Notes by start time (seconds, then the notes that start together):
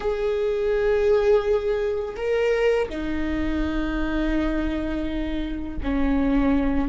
0.00 G#4
2.16 A#4
2.89 D#4
5.83 C#4